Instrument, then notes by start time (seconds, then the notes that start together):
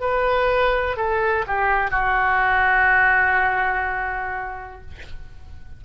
oboe
0.00 B4
0.96 A4
1.46 G4
1.90 F#4